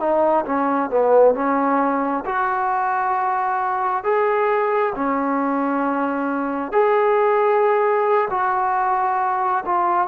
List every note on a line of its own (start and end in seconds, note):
0.00 0.45 D#4
0.46 0.90 C#4
0.90 1.35 B3
1.35 2.25 C#4
2.26 4.04 F#4
4.04 4.94 G#4
4.95 6.72 C#4
6.72 8.29 G#4
8.30 9.65 F#4
9.66 10.08 F4